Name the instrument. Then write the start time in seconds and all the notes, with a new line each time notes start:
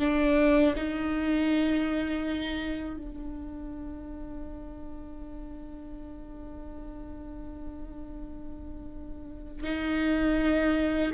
viola
0.00 D4
0.76 D#4
2.97 D4
9.64 D#4